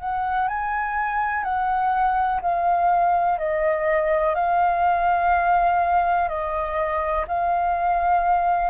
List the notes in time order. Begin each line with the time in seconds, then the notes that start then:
0.00 F#5
0.48 G#5
1.44 F#5
2.42 F5
3.39 D#5
4.35 F5
6.29 D#5
7.28 F5